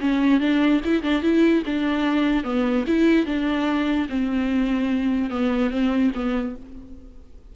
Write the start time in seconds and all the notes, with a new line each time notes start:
0.00 C#4
0.40 D4
0.84 E4
1.02 D4
1.22 E4
1.66 D4
2.44 B3
2.87 E4
3.25 D4
4.09 C4
5.30 B3
5.70 C4
6.14 B3